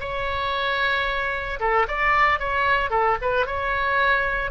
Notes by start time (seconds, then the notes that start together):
0.00 C#5
1.60 A4
1.87 D5
2.39 C#5
2.90 A4
3.21 B4
3.46 C#5